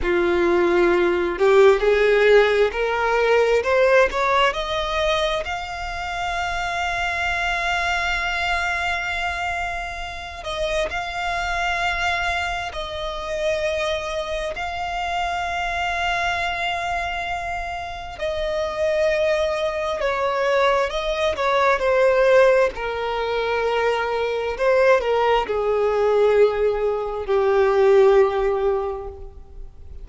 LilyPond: \new Staff \with { instrumentName = "violin" } { \time 4/4 \tempo 4 = 66 f'4. g'8 gis'4 ais'4 | c''8 cis''8 dis''4 f''2~ | f''2.~ f''8 dis''8 | f''2 dis''2 |
f''1 | dis''2 cis''4 dis''8 cis''8 | c''4 ais'2 c''8 ais'8 | gis'2 g'2 | }